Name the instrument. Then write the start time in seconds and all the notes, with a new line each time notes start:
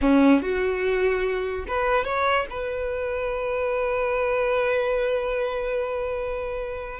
violin
0.01 C#4
0.42 F#4
1.67 B4
2.04 C#5
2.50 B4